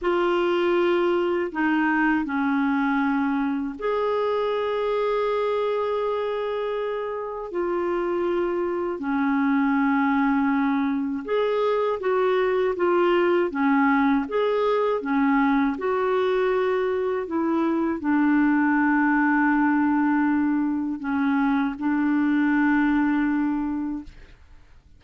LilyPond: \new Staff \with { instrumentName = "clarinet" } { \time 4/4 \tempo 4 = 80 f'2 dis'4 cis'4~ | cis'4 gis'2.~ | gis'2 f'2 | cis'2. gis'4 |
fis'4 f'4 cis'4 gis'4 | cis'4 fis'2 e'4 | d'1 | cis'4 d'2. | }